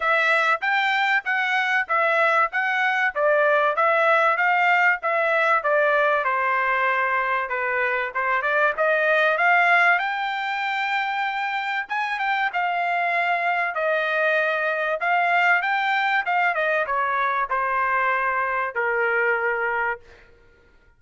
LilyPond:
\new Staff \with { instrumentName = "trumpet" } { \time 4/4 \tempo 4 = 96 e''4 g''4 fis''4 e''4 | fis''4 d''4 e''4 f''4 | e''4 d''4 c''2 | b'4 c''8 d''8 dis''4 f''4 |
g''2. gis''8 g''8 | f''2 dis''2 | f''4 g''4 f''8 dis''8 cis''4 | c''2 ais'2 | }